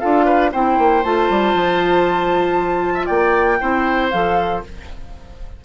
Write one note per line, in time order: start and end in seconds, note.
0.00 0.54 D4
0.00 0.52 F4
0.00 0.25 A4
0.00 0.51 F5
0.25 0.51 B4
0.52 0.78 C4
0.52 1.04 E4
0.52 2.94 C5
0.52 1.04 G5
0.78 1.04 A#3
1.04 1.30 A3
1.04 3.60 F4
1.04 3.06 A5
1.30 1.54 G3
1.54 3.08 F3
2.94 3.06 E5
3.06 3.61 A#3
3.06 3.57 D5
3.06 4.09 G5
3.60 4.13 C4
3.60 4.11 E4
3.60 4.63 C5
4.11 4.65 F3
4.11 4.64 A4
4.11 4.62 F5